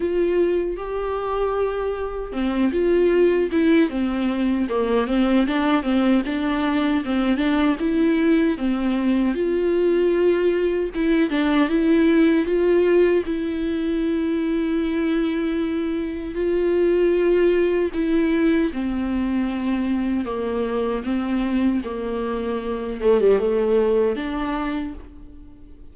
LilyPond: \new Staff \with { instrumentName = "viola" } { \time 4/4 \tempo 4 = 77 f'4 g'2 c'8 f'8~ | f'8 e'8 c'4 ais8 c'8 d'8 c'8 | d'4 c'8 d'8 e'4 c'4 | f'2 e'8 d'8 e'4 |
f'4 e'2.~ | e'4 f'2 e'4 | c'2 ais4 c'4 | ais4. a16 g16 a4 d'4 | }